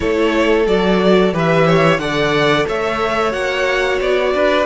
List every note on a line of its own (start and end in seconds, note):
0.00 0.67 A3
0.00 0.65 E4
0.00 1.34 A4
0.00 0.66 C#5
0.66 1.32 F#3
0.66 1.32 F#4
0.66 1.34 D5
1.32 1.98 E3
1.32 1.99 G4
1.32 1.66 B4
1.32 1.98 E5
1.66 2.00 C#5
1.98 2.65 D3
1.98 3.30 A4
1.98 2.67 D5
1.98 2.65 F#5
2.67 3.33 A3
2.67 4.33 C#5
2.67 3.32 E5
3.30 4.00 A#3
3.30 4.64 F#4
3.30 3.99 F#5
4.00 4.33 B3
4.00 4.66 D5
4.33 4.66 D4
4.33 4.66 B4